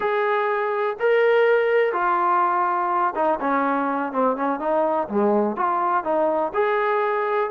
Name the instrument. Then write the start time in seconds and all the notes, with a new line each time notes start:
trombone
0.00 G#4
0.99 A#4
1.92 F4
3.15 D#4
3.40 C#4
4.12 C4
4.36 C#4
4.59 D#4
5.08 G#3
5.56 F4
6.04 D#4
6.54 G#4